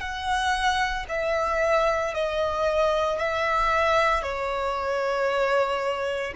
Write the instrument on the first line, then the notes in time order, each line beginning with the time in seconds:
violin
0.00 F#5
1.09 E5
2.14 D#5
3.19 E5
4.22 C#5